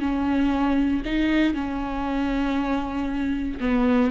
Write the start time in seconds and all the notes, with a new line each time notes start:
0.00 C#4
1.05 D#4
1.54 C#4
3.60 B3